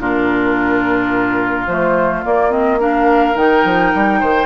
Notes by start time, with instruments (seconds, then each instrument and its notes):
0.00 bassoon A#2, clarinet D4, oboe F4, flute A#4
1.68 bassoon F3, clarinet A3, flute C5
2.24 clarinet A#3, bassoon A#3, flute D5
2.51 clarinet C4, flute D#5
2.79 clarinet D4, oboe A#4, flute F5
3.35 bassoon D#3, clarinet D#4, flute G5
3.65 bassoon F3
3.95 bassoon G3
4.20 bassoon D#3, oboe C5